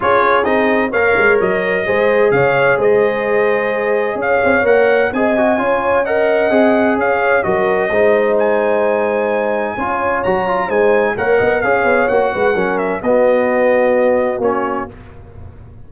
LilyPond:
<<
  \new Staff \with { instrumentName = "trumpet" } { \time 4/4 \tempo 4 = 129 cis''4 dis''4 f''4 dis''4~ | dis''4 f''4 dis''2~ | dis''4 f''4 fis''4 gis''4~ | gis''4 fis''2 f''4 |
dis''2 gis''2~ | gis''2 ais''4 gis''4 | fis''4 f''4 fis''4. e''8 | dis''2. cis''4 | }
  \new Staff \with { instrumentName = "horn" } { \time 4/4 gis'2 cis''2 | c''4 cis''4 c''2~ | c''4 cis''2 dis''4 | cis''4 dis''2 cis''4 |
ais'4 c''2.~ | c''4 cis''2 c''4 | cis''8 dis''8 cis''4. b'8 ais'4 | fis'1 | }
  \new Staff \with { instrumentName = "trombone" } { \time 4/4 f'4 dis'4 ais'2 | gis'1~ | gis'2 ais'4 gis'8 fis'8 | f'4 ais'4 gis'2 |
fis'4 dis'2.~ | dis'4 f'4 fis'8 f'8 dis'4 | ais'4 gis'4 fis'4 cis'4 | b2. cis'4 | }
  \new Staff \with { instrumentName = "tuba" } { \time 4/4 cis'4 c'4 ais8 gis8 fis4 | gis4 cis4 gis2~ | gis4 cis'8 c'8 ais4 c'4 | cis'2 c'4 cis'4 |
fis4 gis2.~ | gis4 cis'4 fis4 gis4 | ais8 b8 cis'8 b8 ais8 gis8 fis4 | b2. ais4 | }
>>